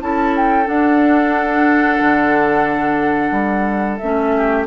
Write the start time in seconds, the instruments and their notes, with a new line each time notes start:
0.00 bassoon C#4, clarinet E4, oboe A4, flute A5
0.36 flute G5
0.64 clarinet D4, bassoon D4, flute F#5
2.00 bassoon D3
3.31 bassoon G3
3.97 bassoon A3, clarinet C#4, flute E5
4.36 oboe G4